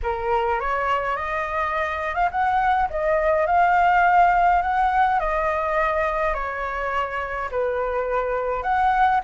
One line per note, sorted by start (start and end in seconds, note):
0.03 0.60 A#4
0.60 1.16 C#5
1.16 2.14 D#5
2.14 2.29 F5
2.31 2.88 F#5
2.90 3.46 D#5
3.46 4.62 F5
4.62 5.19 F#5
5.19 6.34 D#5
6.34 7.49 C#5
7.51 8.62 B4
8.62 9.20 F#5